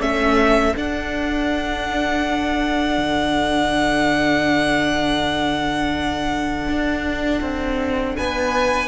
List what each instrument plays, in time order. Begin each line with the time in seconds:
0.00 cello A3, viola C#4, violin A4 E5
0.75 viola D4, cello D4, violin F#5
2.98 cello D3
6.68 cello D4
7.41 cello C4
8.16 cello B3, violin B4 G#5